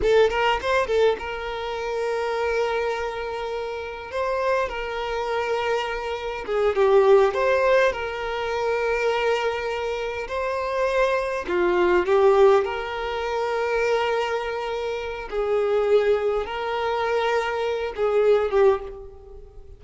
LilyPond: \new Staff \with { instrumentName = "violin" } { \time 4/4 \tempo 4 = 102 a'8 ais'8 c''8 a'8 ais'2~ | ais'2. c''4 | ais'2. gis'8 g'8~ | g'8 c''4 ais'2~ ais'8~ |
ais'4. c''2 f'8~ | f'8 g'4 ais'2~ ais'8~ | ais'2 gis'2 | ais'2~ ais'8 gis'4 g'8 | }